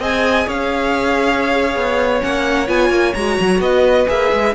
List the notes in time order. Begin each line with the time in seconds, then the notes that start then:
0.00 C4 G#4 D#5 G#5
0.47 C#4 C#5 F5
1.76 B3
2.20 A#3 C#4 F#5
2.68 B3 F4 G#5
2.90 A#3
3.14 G#3 F#4 A#5
3.41 F#3
3.60 B3 B4 D#5
4.07 A#3 G#4 E5
4.33 G#3